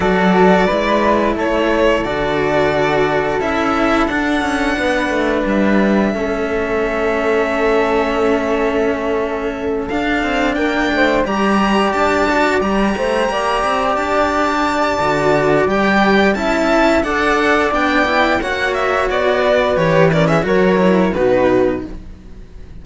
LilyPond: <<
  \new Staff \with { instrumentName = "violin" } { \time 4/4 \tempo 4 = 88 d''2 cis''4 d''4~ | d''4 e''4 fis''2 | e''1~ | e''2~ e''8 f''4 g''8~ |
g''8 ais''4 a''4 ais''4.~ | ais''8 a''2~ a''8 g''4 | a''4 fis''4 g''4 fis''8 e''8 | d''4 cis''8 d''16 e''16 cis''4 b'4 | }
  \new Staff \with { instrumentName = "flute" } { \time 4/4 a'4 b'4 a'2~ | a'2. b'4~ | b'4 a'2.~ | a'2.~ a'8 ais'8 |
c''8 d''2~ d''8 c''8 d''8~ | d''1 | e''4 d''2 cis''4~ | cis''8 b'4 ais'16 gis'16 ais'4 fis'4 | }
  \new Staff \with { instrumentName = "cello" } { \time 4/4 fis'4 e'2 fis'4~ | fis'4 e'4 d'2~ | d'4 cis'2.~ | cis'2~ cis'8 d'4.~ |
d'8 g'4. fis'8 g'4.~ | g'2 fis'4 g'4 | e'4 a'4 d'8 e'8 fis'4~ | fis'4 g'8 cis'8 fis'8 e'8 dis'4 | }
  \new Staff \with { instrumentName = "cello" } { \time 4/4 fis4 gis4 a4 d4~ | d4 cis'4 d'8 cis'8 b8 a8 | g4 a2.~ | a2~ a8 d'8 c'8 ais8 |
a8 g4 d'4 g8 a8 ais8 | c'8 d'4. d4 g4 | cis'4 d'4 b4 ais4 | b4 e4 fis4 b,4 | }
>>